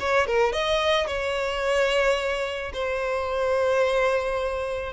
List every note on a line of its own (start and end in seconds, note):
0.00 0.27 C#5
0.27 0.53 A#4
0.53 1.07 D#5
1.07 2.72 C#5
2.73 4.92 C5